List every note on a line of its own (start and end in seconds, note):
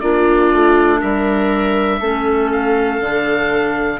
0.00 0.52 A#3
0.00 2.02 D4
0.00 0.99 F4
0.00 1.00 D5
0.52 1.02 A3
0.99 2.00 G3
0.99 1.99 A#4
0.99 2.51 E5
1.99 3.00 A3
1.99 3.02 C#4
1.99 3.99 A4
2.52 4.00 F5
3.00 4.00 D3
3.00 4.00 D4